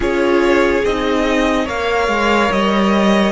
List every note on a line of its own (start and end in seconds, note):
0.00 0.82 C#4
0.00 0.83 F4
0.00 1.65 G#4
0.00 0.84 C#5
0.84 1.68 C4
0.84 1.66 D#4
0.84 1.68 D#5
1.65 2.07 A#3
1.65 3.31 A#4
1.65 3.31 C#5
1.65 2.51 F5
2.07 2.49 G#3
2.51 3.31 G3
2.51 3.31 D#5